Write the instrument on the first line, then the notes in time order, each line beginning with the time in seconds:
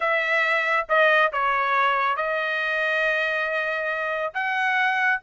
trumpet
0.00 E5
0.88 D#5
1.32 C#5
2.16 D#5
4.34 F#5